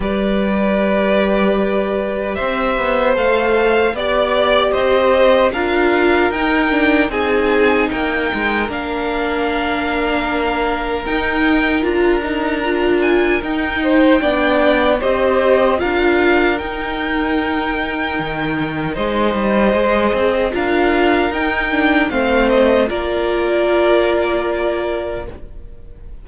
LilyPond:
<<
  \new Staff \with { instrumentName = "violin" } { \time 4/4 \tempo 4 = 76 d''2. e''4 | f''4 d''4 dis''4 f''4 | g''4 gis''4 g''4 f''4~ | f''2 g''4 ais''4~ |
ais''8 gis''8 g''2 dis''4 | f''4 g''2. | dis''2 f''4 g''4 | f''8 dis''8 d''2. | }
  \new Staff \with { instrumentName = "violin" } { \time 4/4 b'2. c''4~ | c''4 d''4 c''4 ais'4~ | ais'4 gis'4 ais'2~ | ais'1~ |
ais'4. c''8 d''4 c''4 | ais'1 | c''2 ais'2 | c''4 ais'2. | }
  \new Staff \with { instrumentName = "viola" } { \time 4/4 g'1 | a'4 g'2 f'4 | dis'8 d'8 dis'2 d'4~ | d'2 dis'4 f'8 dis'8 |
f'4 dis'4 d'4 g'4 | f'4 dis'2.~ | dis'4 gis'4 f'4 dis'8 d'8 | c'4 f'2. | }
  \new Staff \with { instrumentName = "cello" } { \time 4/4 g2. c'8 b8 | a4 b4 c'4 d'4 | dis'4 c'4 ais8 gis8 ais4~ | ais2 dis'4 d'4~ |
d'4 dis'4 b4 c'4 | d'4 dis'2 dis4 | gis8 g8 gis8 c'8 d'4 dis'4 | a4 ais2. | }
>>